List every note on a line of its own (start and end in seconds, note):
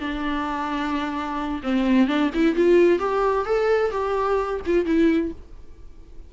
0.00 1.62 D4
1.63 2.07 C4
2.07 2.31 D4
2.34 2.56 E4
2.56 2.99 F4
2.99 3.45 G4
3.46 3.91 A4
3.91 4.60 G4
4.66 4.86 F4
4.86 5.32 E4